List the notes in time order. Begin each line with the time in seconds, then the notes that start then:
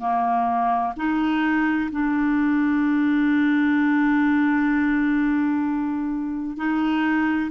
0.00 A#3
0.97 D#4
1.92 D4
6.57 D#4